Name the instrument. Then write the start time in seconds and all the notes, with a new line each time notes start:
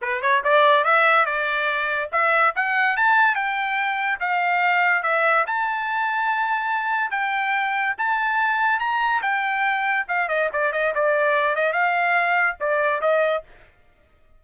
trumpet
0.01 B4
0.21 C#5
0.43 D5
0.84 E5
1.25 D5
2.12 E5
2.55 F#5
2.96 A5
3.35 G5
4.19 F5
5.03 E5
5.46 A5
7.10 G5
7.97 A5
8.79 A#5
9.22 G5
10.08 F5
10.28 D#5
10.52 D5
10.72 D#5
10.94 D5
11.55 D#5
11.72 F5
12.60 D5
13.01 D#5